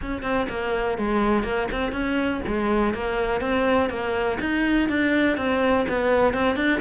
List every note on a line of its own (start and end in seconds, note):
0.01 0.22 C#4
0.22 0.47 C4
0.49 0.98 A#3
0.98 1.43 G#3
1.43 1.68 A#3
1.71 1.92 C4
1.92 2.40 C#4
2.46 2.94 G#3
2.94 3.40 A#3
3.40 3.89 C4
3.89 4.38 A#3
4.39 4.88 D#4
4.88 5.37 D4
5.37 5.86 C4
5.88 6.33 B3
6.33 6.56 C4
6.56 6.80 D4